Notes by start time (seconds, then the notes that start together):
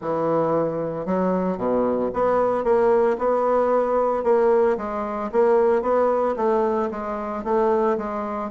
0.01 E3
1.05 F#3
1.57 B2
2.13 B3
2.64 A#3
3.18 B3
4.23 A#3
4.77 G#3
5.31 A#3
5.82 B3
6.36 A3
6.90 G#3
7.44 A3
7.97 G#3